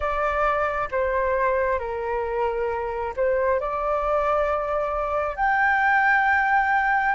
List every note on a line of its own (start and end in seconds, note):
0.00 0.88 D5
0.91 1.79 C5
1.79 3.13 A#4
3.16 3.59 C5
3.59 5.36 D5
5.36 7.15 G5